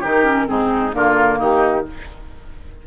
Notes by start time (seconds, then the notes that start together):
0.00 D#3 D#4 G4 A#4
0.25 C#4
0.46 G#2 C4 D#4 G#4
0.93 D3 A#3 F4 A#4
1.38 D#3 D#4 G4